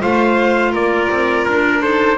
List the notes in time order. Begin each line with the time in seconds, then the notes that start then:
0.00 A3 F4 C5 F5
0.72 A#3 A#4 D5
1.11 C4
1.46 D4 A#4
1.82 D#4 A4 C5